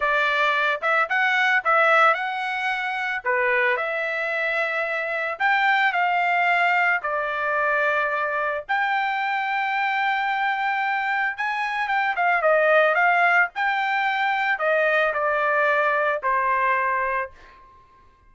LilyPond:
\new Staff \with { instrumentName = "trumpet" } { \time 4/4 \tempo 4 = 111 d''4. e''8 fis''4 e''4 | fis''2 b'4 e''4~ | e''2 g''4 f''4~ | f''4 d''2. |
g''1~ | g''4 gis''4 g''8 f''8 dis''4 | f''4 g''2 dis''4 | d''2 c''2 | }